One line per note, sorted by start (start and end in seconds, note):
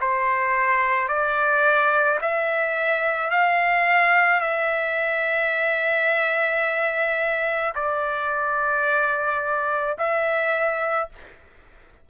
0.00 1.08 C5
1.08 2.19 D5
2.21 3.30 E5
3.30 4.40 F5
4.40 7.73 E5
7.75 9.97 D5
9.98 11.09 E5